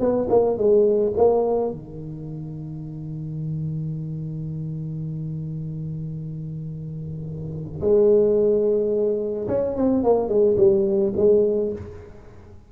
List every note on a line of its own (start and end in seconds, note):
0.00 0.28 B3
0.30 0.57 A#3
0.57 1.13 G#3
1.17 1.71 A#3
1.71 7.81 D#3
7.81 9.47 G#3
9.48 9.76 C#4
9.76 10.04 C4
10.04 10.29 A#3
10.29 10.56 G#3
10.57 11.13 G3
11.16 11.72 G#3